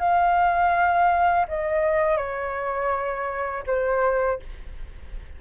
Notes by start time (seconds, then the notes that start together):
0.00 F5
1.49 D#5
2.18 C#5
3.67 C5